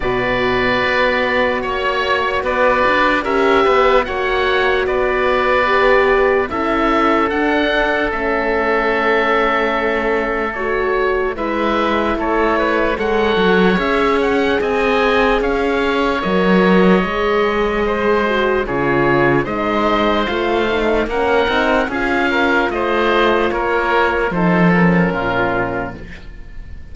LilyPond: <<
  \new Staff \with { instrumentName = "oboe" } { \time 4/4 \tempo 4 = 74 d''2 cis''4 d''4 | e''4 fis''4 d''2 | e''4 fis''4 e''2~ | e''4 cis''4 e''4 cis''4 |
fis''4 e''8 fis''8 gis''4 f''4 | dis''2. cis''4 | dis''4 f''4 fis''4 f''4 | dis''4 cis''4 c''8 ais'4. | }
  \new Staff \with { instrumentName = "oboe" } { \time 4/4 b'2 cis''4 b'4 | ais'8 b'8 cis''4 b'2 | a'1~ | a'2 b'4 a'8 b'8 |
cis''2 dis''4 cis''4~ | cis''2 c''4 gis'4 | c''2 ais'4 gis'8 ais'8 | c''4 ais'4 a'4 f'4 | }
  \new Staff \with { instrumentName = "horn" } { \time 4/4 fis'1 | g'4 fis'2 g'4 | e'4 d'4 cis'2~ | cis'4 fis'4 e'2 |
a'4 gis'2. | ais'4 gis'4. fis'8 f'4 | dis'4 f'8 dis'8 cis'8 dis'8 f'4~ | f'2 dis'8 cis'4. | }
  \new Staff \with { instrumentName = "cello" } { \time 4/4 b,4 b4 ais4 b8 d'8 | cis'8 b8 ais4 b2 | cis'4 d'4 a2~ | a2 gis4 a4 |
gis8 fis8 cis'4 c'4 cis'4 | fis4 gis2 cis4 | gis4 a4 ais8 c'8 cis'4 | a4 ais4 f4 ais,4 | }
>>